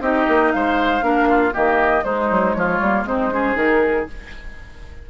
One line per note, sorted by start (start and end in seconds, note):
0.00 0.25 C4
0.00 1.01 D#4
0.00 0.52 G4
0.00 0.51 D#5
0.28 0.53 A#3
0.51 1.01 G#3
0.51 1.04 C5
0.51 1.53 F5
1.01 1.52 A#3
1.01 1.52 D4
1.01 1.28 A#4
1.28 1.53 F4
1.52 2.04 D#3
1.52 2.03 A#3
1.52 2.04 G4
1.52 2.04 D#5
2.04 2.29 G#3
2.04 2.83 G#3
2.04 2.56 D#4
2.04 2.53 C5
2.30 2.55 F#3
2.53 2.80 F3
2.53 3.08 F4
2.53 3.04 C#5
2.80 3.04 G3
2.80 3.06 A#3
3.04 3.55 G#3
3.04 3.31 C4
3.04 3.33 D#4
3.04 3.57 C5
3.31 3.56 C#4
3.31 4.09 G#4
3.56 4.06 D#3
3.56 4.06 D#4
3.56 4.08 A#4